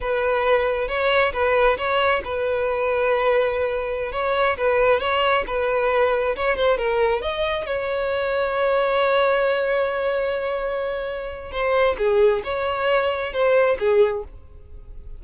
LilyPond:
\new Staff \with { instrumentName = "violin" } { \time 4/4 \tempo 4 = 135 b'2 cis''4 b'4 | cis''4 b'2.~ | b'4~ b'16 cis''4 b'4 cis''8.~ | cis''16 b'2 cis''8 c''8 ais'8.~ |
ais'16 dis''4 cis''2~ cis''8.~ | cis''1~ | cis''2 c''4 gis'4 | cis''2 c''4 gis'4 | }